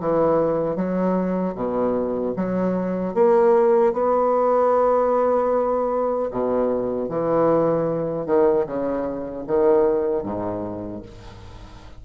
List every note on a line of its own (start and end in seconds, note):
0.00 0.76 E3
0.76 1.55 F#3
1.55 2.34 B2
2.36 3.14 F#3
3.14 3.93 A#3
3.93 6.30 B3
6.31 7.09 B2
7.09 8.26 E3
8.26 8.66 D#3
8.66 9.45 C#3
9.47 10.23 D#3
10.23 11.02 G#2